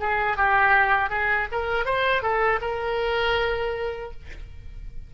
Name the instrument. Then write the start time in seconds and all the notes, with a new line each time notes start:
oboe
0.00 G#4
0.37 G4
1.10 G#4
1.52 A#4
1.86 C5
2.23 A4
2.61 A#4